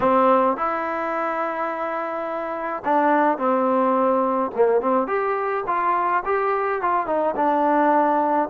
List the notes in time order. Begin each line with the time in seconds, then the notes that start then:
0.00 C4
0.57 E4
2.84 D4
3.38 C4
4.55 A#3
4.81 C4
5.07 G4
5.66 F4
6.25 G4
6.81 F4
7.06 D#4
7.36 D4